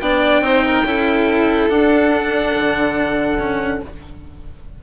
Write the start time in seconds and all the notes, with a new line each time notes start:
0.00 B3 D4 D5 G5
0.40 C4 D#4 C5
0.66 A#4
0.83 C#4 E4 A4
1.69 D4 F#5
2.56 D3
3.39 C#4